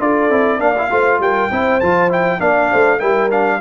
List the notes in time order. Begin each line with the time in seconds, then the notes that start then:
0.00 D4 F4 A4 D5
0.30 C4 E4
0.59 A#3 D4 D5 F5
0.78 E4
0.91 A3 F4 C5
1.20 G3 A#4 G5
1.52 C4 E4 C5
1.81 F3 F4 A5
2.09 E4 G5
2.39 A#3 D4 D5 F5
2.71 A3 C5
2.99 G3 E4 A#4 G5
3.31 D4 F5